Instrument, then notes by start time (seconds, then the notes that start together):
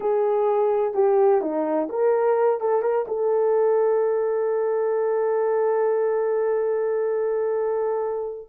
horn
0.00 G#4
0.93 G4
1.41 D#4
1.89 A#4
2.60 A4
2.82 A#4
3.07 A4